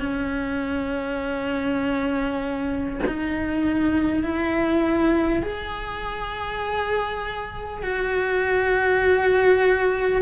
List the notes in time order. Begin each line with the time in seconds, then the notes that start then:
0.00 C#4
3.07 D#4
4.23 E4
5.43 G#4
7.83 F#4